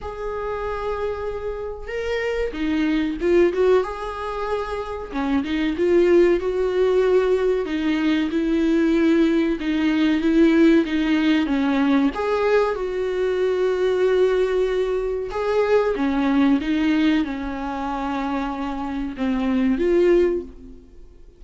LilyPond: \new Staff \with { instrumentName = "viola" } { \time 4/4 \tempo 4 = 94 gis'2. ais'4 | dis'4 f'8 fis'8 gis'2 | cis'8 dis'8 f'4 fis'2 | dis'4 e'2 dis'4 |
e'4 dis'4 cis'4 gis'4 | fis'1 | gis'4 cis'4 dis'4 cis'4~ | cis'2 c'4 f'4 | }